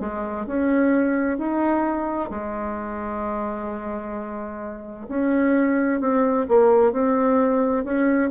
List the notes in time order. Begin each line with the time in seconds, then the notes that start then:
0.00 G#3
0.46 C#4
1.38 D#4
2.30 G#3
5.09 C#4
6.00 C4
6.48 A#3
6.92 C4
7.84 C#4